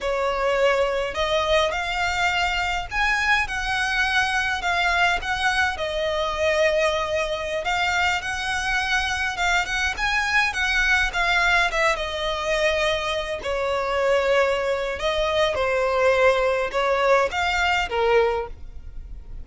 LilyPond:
\new Staff \with { instrumentName = "violin" } { \time 4/4 \tempo 4 = 104 cis''2 dis''4 f''4~ | f''4 gis''4 fis''2 | f''4 fis''4 dis''2~ | dis''4~ dis''16 f''4 fis''4.~ fis''16~ |
fis''16 f''8 fis''8 gis''4 fis''4 f''8.~ | f''16 e''8 dis''2~ dis''8 cis''8.~ | cis''2 dis''4 c''4~ | c''4 cis''4 f''4 ais'4 | }